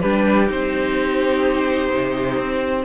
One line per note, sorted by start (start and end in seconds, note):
0.00 0.50 G3
0.00 0.48 D4
0.00 2.85 G4
0.00 0.48 B4
0.48 1.93 C4
0.48 2.85 D#4
0.48 2.85 C5
1.95 2.37 C3
2.37 2.85 C4